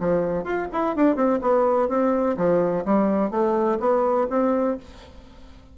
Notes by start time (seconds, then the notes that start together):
0.00 F3
0.44 F4
0.73 E4
0.96 D4
1.16 C4
1.42 B3
1.89 C4
2.37 F3
2.85 G3
3.31 A3
3.80 B3
4.30 C4